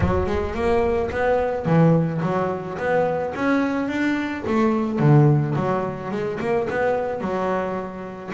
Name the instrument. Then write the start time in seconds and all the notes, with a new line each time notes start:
double bass
0.00 F#3
0.26 G#3
0.54 A#3
1.10 B3
1.65 E3
2.22 F#3
2.78 B3
3.35 C#4
3.88 D4
4.46 A3
4.99 D3
5.55 F#3
6.11 G#3
6.39 A#3
6.70 B3
7.20 F#3